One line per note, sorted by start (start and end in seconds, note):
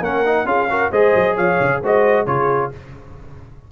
0.00 0.45 A#3
0.00 0.25 C#4
0.00 0.46 A#4
0.00 0.47 F#5
0.25 0.46 D#4
0.45 0.90 C#4
0.45 0.68 F4
0.45 0.69 G#4
0.45 0.92 F5
0.69 0.92 F#4
0.69 0.91 A#4
0.91 1.14 G#3
0.91 1.83 G#4
0.91 1.36 C5
0.91 1.37 D#5
1.15 1.37 F#3
1.36 1.60 F3
1.36 1.80 C#5
1.36 1.82 F5
1.60 1.82 C#3
1.82 2.26 G#3
1.82 2.27 F#4
1.82 2.25 C5
1.82 2.26 D#5
2.25 2.71 C#3
2.25 2.71 F4
2.25 2.70 G#4
2.25 2.71 C#5